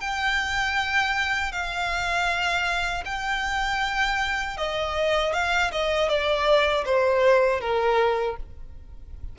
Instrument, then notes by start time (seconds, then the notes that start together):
violin
0.00 G5
1.52 F5
3.05 G5
4.57 D#5
5.33 F5
5.71 D#5
6.08 D5
6.85 C5
7.60 A#4